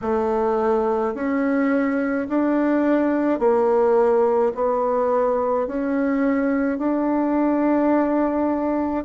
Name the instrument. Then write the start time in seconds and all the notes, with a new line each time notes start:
bassoon
0.01 A3
1.14 C#4
2.28 D4
3.39 A#3
4.54 B3
5.67 C#4
6.78 D4